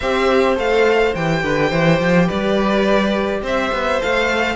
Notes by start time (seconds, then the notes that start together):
0.00 C4 G4 C5 E5
0.56 A3 A4 F5
1.14 E3 G4 G5
1.43 D3 B4
1.69 E3 C5
1.99 F3
2.26 G3 B4 D5
3.42 C4 C5 E5
3.72 B3
4.00 A3 A4 F5